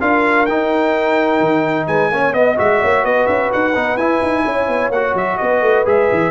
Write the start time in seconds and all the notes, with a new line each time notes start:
0.00 D4 F4 A#4 F5
0.46 D#4 G5
1.40 D#3
1.87 G#3 B4 G#5
2.11 A#3 C#4 C#5
2.33 B3 D#5
2.56 G#3 F#4 E5
2.82 A#3 C#5
3.03 B3 B4 D#5
3.26 C#4 E5
3.52 D#4 F#5
3.75 B3 D#4
3.96 E4 G#5
4.22 D#4
4.44 C#4 C#5
4.68 B3
4.89 A#3 F#4 F#5
5.14 F#3 E5
5.37 B3 B4 D#5
5.61 A3
5.85 G#3 G#4 E5
6.12 E3